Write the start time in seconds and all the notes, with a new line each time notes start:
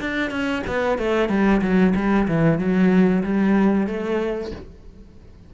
0.00 D4
0.30 C#4
0.67 B3
0.98 A3
1.29 G3
1.61 F#3
1.95 G3
2.28 E3
2.58 F#3
3.23 G3
3.87 A3